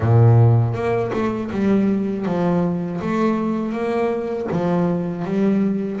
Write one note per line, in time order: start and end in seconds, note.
0.00 0.73 A#2
0.73 1.11 A#3
1.12 1.50 A3
1.51 2.25 G3
2.25 3.00 F3
3.01 3.72 A3
3.72 4.47 A#3
4.51 5.25 F3
5.25 6.00 G3